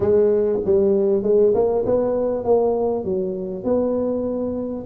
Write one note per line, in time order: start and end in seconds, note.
0.00 0.59 G#3
0.65 1.23 G3
1.23 1.53 G#3
1.54 1.84 A#3
1.85 2.44 B3
2.44 3.04 A#3
3.04 3.64 F#3
3.64 4.85 B3